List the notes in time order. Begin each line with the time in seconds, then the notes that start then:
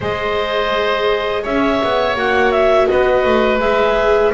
0.00 G#3 G#4 C5 D#5
1.42 C#4 C#5 E5
1.83 B3
2.15 A#3 F#4 F#5
2.51 E5
2.87 B3 B4 D#5
3.25 A3
3.58 G#3 G#4 E5